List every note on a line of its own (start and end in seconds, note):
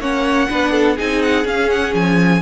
0.00 0.48 A#3
0.00 0.49 C#4
0.00 0.49 C#5
0.00 0.98 F#5
0.49 0.99 B3
0.49 0.97 D4
0.49 0.72 B4
0.72 0.96 A4
0.97 1.45 C4
0.97 1.45 D#4
0.97 2.42 G#4
0.97 1.22 G#5
1.22 1.47 F#5
1.45 2.42 C#4
1.45 1.94 C#4
1.45 1.70 F5
1.70 1.95 F#5
1.95 2.43 F3
1.95 2.43 G#5